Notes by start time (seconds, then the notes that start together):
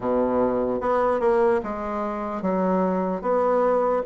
0.00 B2
0.81 B3
1.20 A#3
1.63 G#3
2.41 F#3
3.21 B3